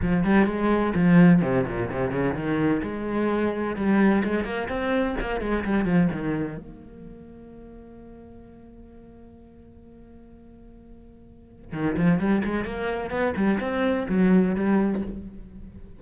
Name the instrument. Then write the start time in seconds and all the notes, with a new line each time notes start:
cello
0.02 F3
0.23 G3
0.46 G#3
0.95 F3
1.42 C3
1.66 A#2
1.90 C3
2.11 C#3
2.34 D#3
2.82 G#3
3.76 G3
4.24 G#3
4.44 A#3
4.68 C4
5.20 A#3
5.40 G#3
5.64 G3
5.84 F3
6.12 D#3
6.57 A#3
11.72 D#3
11.96 F3
12.19 G3
12.44 G#3
12.65 A#3
13.10 B3
13.36 G3
13.59 C4
14.08 F#3
14.55 G3